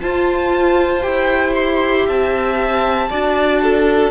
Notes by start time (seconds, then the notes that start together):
0.00 F4 C5 A5
1.02 E4 G4 G5
1.55 C6
2.06 C4 E5 A5
3.10 D4 F#4 D5
3.63 A4